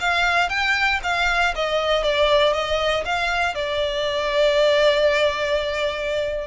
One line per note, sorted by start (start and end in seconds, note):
0.00 0.49 F5
0.49 1.00 G5
1.03 1.54 F5
1.55 2.03 D#5
2.03 2.53 D5
2.53 3.04 D#5
3.05 3.55 F5
3.55 6.47 D5